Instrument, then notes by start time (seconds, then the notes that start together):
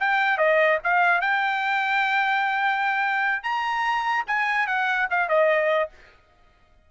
trumpet
0.00 G5
0.38 D#5
0.84 F5
1.21 G5
3.43 A#5
4.27 G#5
4.67 F#5
5.10 F5
5.29 D#5